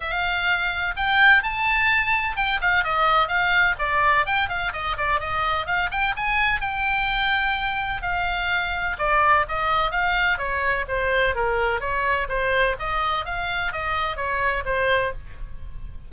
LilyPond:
\new Staff \with { instrumentName = "oboe" } { \time 4/4 \tempo 4 = 127 f''2 g''4 a''4~ | a''4 g''8 f''8 dis''4 f''4 | d''4 g''8 f''8 dis''8 d''8 dis''4 | f''8 g''8 gis''4 g''2~ |
g''4 f''2 d''4 | dis''4 f''4 cis''4 c''4 | ais'4 cis''4 c''4 dis''4 | f''4 dis''4 cis''4 c''4 | }